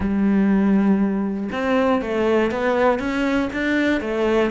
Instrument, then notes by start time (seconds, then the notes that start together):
cello
0.00 G3
1.52 C4
2.01 A3
2.51 B3
2.99 C#4
3.52 D4
4.00 A3